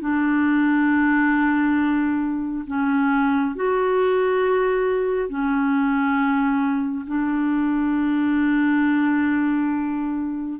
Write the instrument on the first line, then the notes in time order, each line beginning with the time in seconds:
clarinet
0.00 D4
2.67 C#4
3.55 F#4
5.29 C#4
7.06 D4